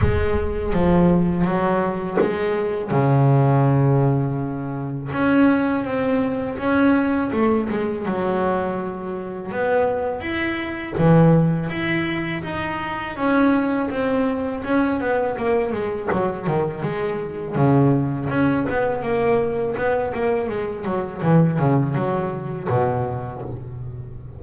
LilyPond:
\new Staff \with { instrumentName = "double bass" } { \time 4/4 \tempo 4 = 82 gis4 f4 fis4 gis4 | cis2. cis'4 | c'4 cis'4 a8 gis8 fis4~ | fis4 b4 e'4 e4 |
e'4 dis'4 cis'4 c'4 | cis'8 b8 ais8 gis8 fis8 dis8 gis4 | cis4 cis'8 b8 ais4 b8 ais8 | gis8 fis8 e8 cis8 fis4 b,4 | }